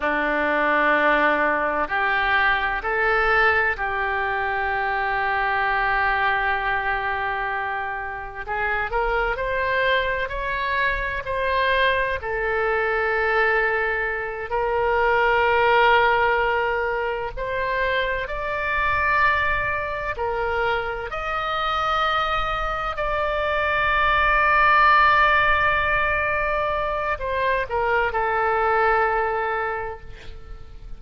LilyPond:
\new Staff \with { instrumentName = "oboe" } { \time 4/4 \tempo 4 = 64 d'2 g'4 a'4 | g'1~ | g'4 gis'8 ais'8 c''4 cis''4 | c''4 a'2~ a'8 ais'8~ |
ais'2~ ais'8 c''4 d''8~ | d''4. ais'4 dis''4.~ | dis''8 d''2.~ d''8~ | d''4 c''8 ais'8 a'2 | }